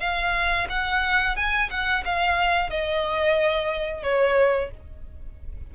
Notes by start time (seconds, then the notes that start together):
0.00 F5
0.70 F#5
1.36 G#5
1.70 F#5
2.05 F5
2.70 D#5
4.03 C#5